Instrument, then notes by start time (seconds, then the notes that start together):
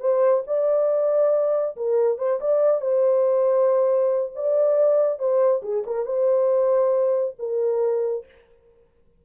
horn
0.00 C5
0.47 D5
1.76 A#4
2.18 C5
2.41 D5
2.81 C5
4.35 D5
5.19 C5
5.62 G#4
5.86 A#4
6.06 C5
7.39 A#4